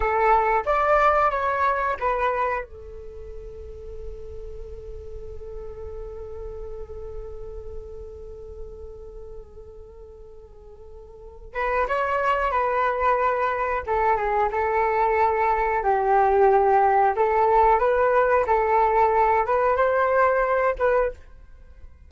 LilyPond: \new Staff \with { instrumentName = "flute" } { \time 4/4 \tempo 4 = 91 a'4 d''4 cis''4 b'4 | a'1~ | a'1~ | a'1~ |
a'4. b'8 cis''4 b'4~ | b'4 a'8 gis'8 a'2 | g'2 a'4 b'4 | a'4. b'8 c''4. b'8 | }